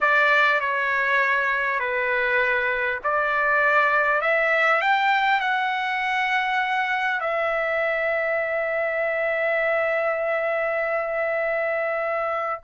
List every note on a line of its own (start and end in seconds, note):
0.00 0.60 D5
0.60 1.79 C#5
1.79 2.99 B4
3.03 4.21 D5
4.21 4.81 E5
4.81 5.40 G5
5.40 7.20 F#5
7.20 12.60 E5